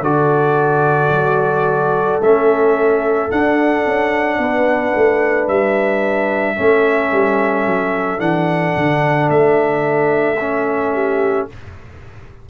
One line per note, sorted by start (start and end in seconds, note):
0.00 1.09 D3
0.00 2.21 F#4
0.00 4.39 A4
0.00 2.21 D5
1.09 2.18 F#3
2.21 3.30 A3
2.21 3.28 C#4
2.21 3.31 E5
3.28 6.55 D4
3.28 3.85 D4
3.28 5.47 F#5
3.86 4.38 C#4
4.38 4.92 B3
4.38 6.55 B4
4.95 5.47 A3
5.47 6.57 G3
5.47 8.20 E5
6.55 7.12 A3
6.55 8.17 C#4
6.55 10.92 A4
7.12 7.66 G3
7.66 8.19 F#3
8.17 8.73 E3
8.17 10.35 D4
8.17 9.29 F#5
8.76 9.29 D3
9.29 11.47 A3
9.29 11.47 E5
10.40 11.49 C#4
10.93 11.48 G4